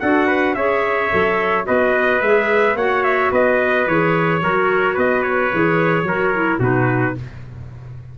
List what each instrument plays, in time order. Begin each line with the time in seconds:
0.00 tuba D4, clarinet F#4, trumpet A4 F#5
0.27 trumpet B4
0.55 tuba C#4, clarinet G#4, trumpet C#5 E5
1.10 tuba F#3, clarinet A4
1.66 tuba B3, clarinet F#4, trumpet B4 D#5
2.22 tuba G#3, clarinet G#4, trumpet E5
2.75 tuba A#3, clarinet F#4, trumpet C#5 F#5
3.04 trumpet E5
3.31 tuba B3, trumpet B4 D#5
3.87 tuba E3, clarinet G#4, trumpet C#5
4.42 tuba F#3, clarinet F#4, trumpet A#4
4.94 tuba B3, trumpet B4 D#5
5.23 trumpet C#5
5.52 tuba E3, clarinet G#4
6.03 tuba F#3, clarinet F#4, trumpet A#4
6.34 clarinet E4
6.59 tuba B2, clarinet D#4, trumpet F#4 B4